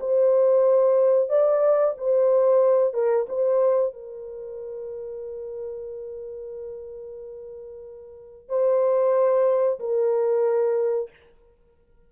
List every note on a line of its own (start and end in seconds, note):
0.00 1.29 C5
1.29 1.94 D5
1.98 2.94 C5
2.94 3.26 A#4
3.29 3.93 C5
3.93 8.48 A#4
8.48 9.79 C5
9.79 11.10 A#4